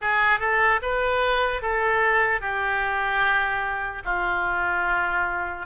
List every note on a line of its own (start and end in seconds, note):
0.01 0.39 G#4
0.39 0.80 A4
0.81 1.61 B4
1.61 2.40 A4
2.40 4.02 G4
4.04 5.66 F4